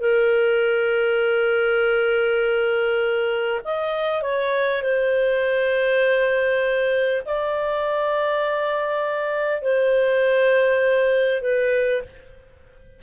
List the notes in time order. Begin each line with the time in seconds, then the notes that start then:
0.00 A#4
3.64 D#5
4.22 C#5
4.82 C5
7.25 D5
9.61 C5
11.41 B4